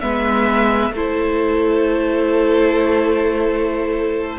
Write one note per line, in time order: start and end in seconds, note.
0.00 0.90 G#3
0.00 0.93 B3
0.00 0.92 B4
0.00 0.92 E5
0.90 4.36 A3
0.90 4.38 E4
0.90 4.38 A4
0.90 4.38 C5